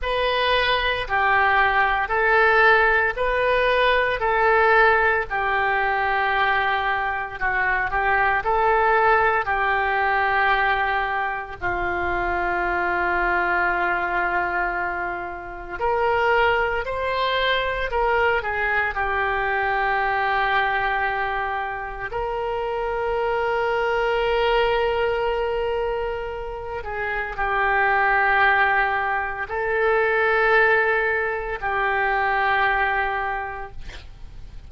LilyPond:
\new Staff \with { instrumentName = "oboe" } { \time 4/4 \tempo 4 = 57 b'4 g'4 a'4 b'4 | a'4 g'2 fis'8 g'8 | a'4 g'2 f'4~ | f'2. ais'4 |
c''4 ais'8 gis'8 g'2~ | g'4 ais'2.~ | ais'4. gis'8 g'2 | a'2 g'2 | }